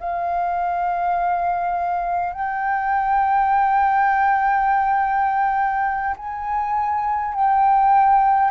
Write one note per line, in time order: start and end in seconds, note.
0.00 2.33 F5
2.33 6.16 G5
6.17 7.34 G#5
7.34 8.51 G5